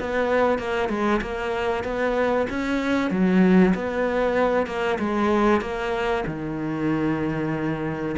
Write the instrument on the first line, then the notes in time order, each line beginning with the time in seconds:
cello
0.00 B3
0.59 A#3
0.90 G#3
1.22 A#3
1.84 B3
2.50 C#4
3.11 F#3
3.75 B3
4.67 A#3
5.00 G#3
5.62 A#3
6.27 D#3